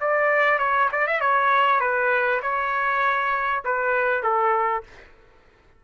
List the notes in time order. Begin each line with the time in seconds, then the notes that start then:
0.00 D5
0.59 C#5
0.91 D5
1.07 E5
1.20 C#5
1.80 B4
2.42 C#5
3.64 B4
4.23 A4